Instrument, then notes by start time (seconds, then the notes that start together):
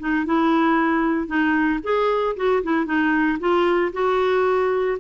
clarinet
0.00 D#4
0.26 E4
1.27 D#4
1.84 G#4
2.37 F#4
2.63 E4
2.86 D#4
3.40 F4
3.93 F#4